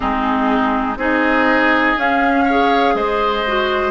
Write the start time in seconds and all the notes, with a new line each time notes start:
0.00 G#3 C4 D#4 G#4
0.96 C4 D#4 G#4 D#5
1.97 C#4 F5
2.44 G#4 C#5
2.94 G#3 C5 D#5
3.47 F#4